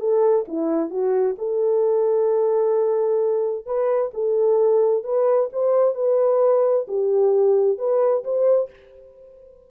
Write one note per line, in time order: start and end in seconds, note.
0.00 0.46 A4
0.48 0.91 E4
0.91 1.36 F#4
1.39 3.66 A4
3.66 4.12 B4
4.14 5.04 A4
5.04 5.50 B4
5.53 5.95 C5
5.95 6.87 B4
6.88 7.78 G4
7.78 8.24 B4
8.25 8.70 C5